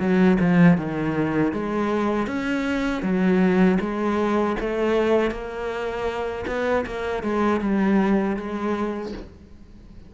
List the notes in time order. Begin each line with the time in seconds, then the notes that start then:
0.00 F#3
0.40 F3
0.78 D#3
1.53 G#3
2.27 C#4
3.03 F#3
3.80 G#3
4.60 A3
5.31 A#3
6.47 B3
6.87 A#3
7.23 G#3
7.61 G3
8.37 G#3